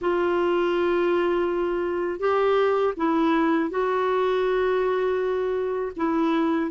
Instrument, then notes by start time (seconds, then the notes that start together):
clarinet
0.01 F4
2.19 G4
2.96 E4
3.69 F#4
5.96 E4